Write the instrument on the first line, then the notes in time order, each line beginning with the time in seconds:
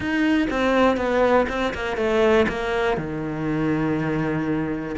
cello
0.00 D#4
0.50 C4
0.96 B3
1.48 C4
1.74 A#3
1.96 A3
2.48 A#3
2.97 D#3